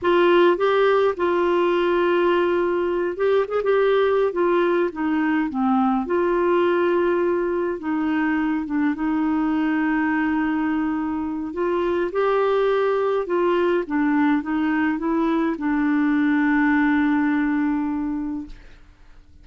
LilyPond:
\new Staff \with { instrumentName = "clarinet" } { \time 4/4 \tempo 4 = 104 f'4 g'4 f'2~ | f'4. g'8 gis'16 g'4~ g'16 f'8~ | f'8 dis'4 c'4 f'4.~ | f'4. dis'4. d'8 dis'8~ |
dis'1 | f'4 g'2 f'4 | d'4 dis'4 e'4 d'4~ | d'1 | }